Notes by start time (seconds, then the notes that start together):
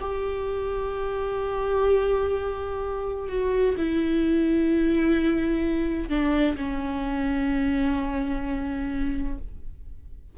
0.00 G4
3.28 F#4
3.77 E4
6.09 D4
6.56 C#4